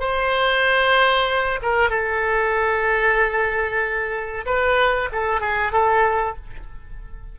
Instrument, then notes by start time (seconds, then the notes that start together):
oboe
0.00 C5
1.63 A#4
1.90 A4
4.46 B4
5.12 A4
5.41 G#4
5.72 A4